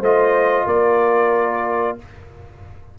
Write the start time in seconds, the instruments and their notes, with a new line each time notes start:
0.00 tuba A3, trombone F4, horn C5, trumpet D#5
0.66 tuba A#3, horn A#4, trumpet D5